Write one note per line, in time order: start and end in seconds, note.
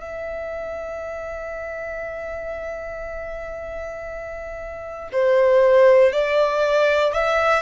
0.00 5.08 E5
5.12 6.12 C5
6.12 7.13 D5
7.13 7.62 E5